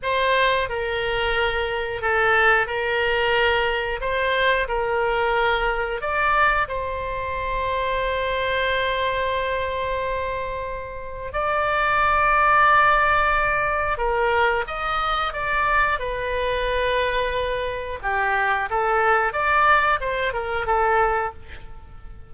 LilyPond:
\new Staff \with { instrumentName = "oboe" } { \time 4/4 \tempo 4 = 90 c''4 ais'2 a'4 | ais'2 c''4 ais'4~ | ais'4 d''4 c''2~ | c''1~ |
c''4 d''2.~ | d''4 ais'4 dis''4 d''4 | b'2. g'4 | a'4 d''4 c''8 ais'8 a'4 | }